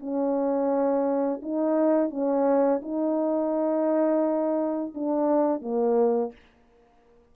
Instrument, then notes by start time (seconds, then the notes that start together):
horn
0.00 C#4
1.42 D#4
2.10 C#4
2.82 D#4
4.95 D4
5.62 A#3